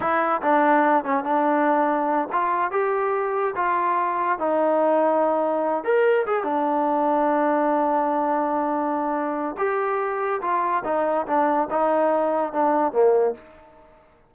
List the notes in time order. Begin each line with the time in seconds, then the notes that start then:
0.00 E4
0.41 D4
1.04 C#4
1.24 D4
2.32 F4
2.71 G4
3.55 F4
4.38 D#4
5.83 A#4
6.26 G#4
6.43 D4
9.57 G4
10.41 F4
10.84 D#4
11.26 D4
11.70 D#4
12.52 D4
12.92 A#3